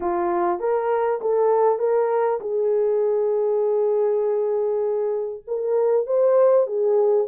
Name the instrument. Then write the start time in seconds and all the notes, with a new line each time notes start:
horn
0.00 F4
0.59 A#4
1.21 A4
1.79 A#4
2.40 G#4
5.47 A#4
6.06 C5
6.66 G#4